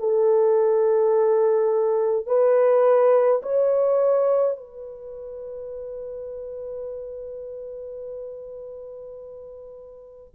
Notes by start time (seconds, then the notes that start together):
0.00 A4
2.27 B4
3.42 C#5
4.57 B4